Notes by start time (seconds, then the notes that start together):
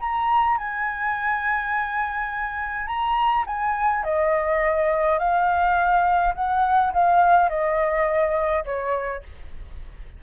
0.00 A#5
0.58 G#5
2.87 A#5
3.46 G#5
4.03 D#5
5.19 F5
6.35 F#5
6.93 F5
7.49 D#5
8.65 C#5